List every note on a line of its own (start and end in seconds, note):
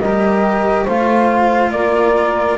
0.00 0.86 G3
0.00 0.88 G4
0.00 0.86 A#4
0.00 0.86 D#5
0.86 1.71 A3
0.86 2.58 F4
0.86 1.71 C5
0.86 1.72 F5
1.71 2.57 A#3
1.71 2.58 A#4
1.71 2.58 D5